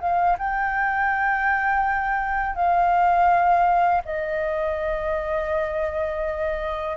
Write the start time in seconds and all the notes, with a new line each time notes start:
0.00 F5
0.38 G5
2.55 F5
4.05 D#5